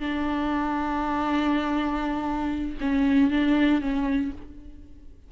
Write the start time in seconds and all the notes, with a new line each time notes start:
0.00 D4
2.81 C#4
3.31 D4
3.81 C#4